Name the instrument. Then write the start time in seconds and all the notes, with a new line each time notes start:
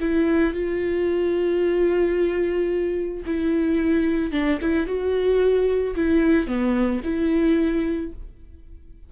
viola
0.00 E4
0.53 F4
3.26 E4
4.31 D4
4.61 E4
4.86 F#4
5.95 E4
6.46 B3
7.04 E4